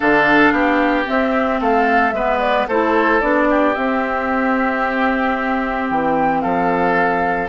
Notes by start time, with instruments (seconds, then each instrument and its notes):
0.00 bassoon D3, clarinet D4, oboe A4, flute F5
0.51 bassoon B3, oboe G4
1.05 clarinet C4, bassoon C4, flute E5
1.60 bassoon A3, oboe A4, flute F5
2.11 bassoon G#3, clarinet B3, oboe B4, flute E5
2.39 flute D5
2.67 bassoon A3, clarinet E4, oboe A4, flute C5
3.21 bassoon B3, clarinet D4, flute D5
3.50 oboe G4
3.74 clarinet C4, bassoon C4, flute E5
5.90 bassoon E3, flute G5
6.40 bassoon F3, oboe A4, flute F5